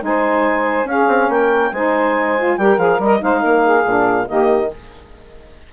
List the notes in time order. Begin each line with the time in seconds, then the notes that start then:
0.00 G#3 D#4 G#5
0.06 C5
0.84 C#4 G#4 F5
1.07 C4
1.29 A#3 A#4 G5
1.72 G#3 D#4 C5 G#5
2.38 F4
2.57 G3 G4 A#4 G5
2.77 F3 G#4 F5
2.99 G3 A#4 D#5
3.19 G#3 D#4 C5 F5
3.41 A#3 A#4
3.63 G#4
3.84 A#2 D4
4.25 D#3 A#3 G4 D#5